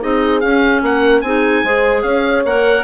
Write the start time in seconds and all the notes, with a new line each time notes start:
0.00 C4 D#4 G#4 D#5
0.40 C#4 F5
0.82 A#3 A#4 F#5
1.21 C4 D#4 G#4 G#5
1.63 G#3 G#4 C5
2.02 C#4 C#5 F5
2.45 A#3 A#4 F#5